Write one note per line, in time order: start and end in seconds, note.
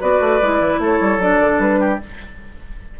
0.00 0.20 B3
0.00 0.41 F#4
0.00 0.80 B4
0.00 0.81 D5
0.20 0.40 A3
0.42 0.60 G#3
0.42 1.20 E4
0.60 0.79 E3
0.79 0.99 A3
0.79 1.79 A4
0.79 1.21 C#5
1.00 1.18 G3
1.18 1.38 F#3
1.18 2.00 D4
1.18 1.60 D5
1.41 1.58 D3
1.58 1.98 G3
1.58 2.00 B4
1.79 1.99 G4